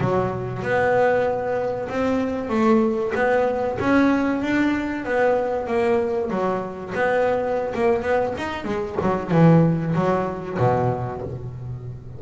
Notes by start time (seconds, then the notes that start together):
0.00 F#3
0.62 B3
1.89 C4
2.49 A3
3.15 B3
3.80 C#4
4.42 D4
5.04 B3
5.67 A#3
6.30 F#3
6.94 B3
7.75 A#3
8.02 B3
8.37 D#4
8.64 G#3
9.01 F#3
9.31 E3
9.94 F#3
10.58 B2